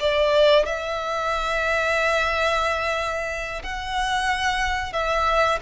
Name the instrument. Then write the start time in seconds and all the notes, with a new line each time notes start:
violin
0.00 D5
0.66 E5
3.64 F#5
4.93 E5